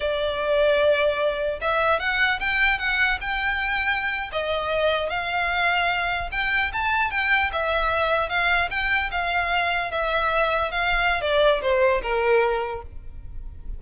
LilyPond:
\new Staff \with { instrumentName = "violin" } { \time 4/4 \tempo 4 = 150 d''1 | e''4 fis''4 g''4 fis''4 | g''2~ g''8. dis''4~ dis''16~ | dis''8. f''2. g''16~ |
g''8. a''4 g''4 e''4~ e''16~ | e''8. f''4 g''4 f''4~ f''16~ | f''8. e''2 f''4~ f''16 | d''4 c''4 ais'2 | }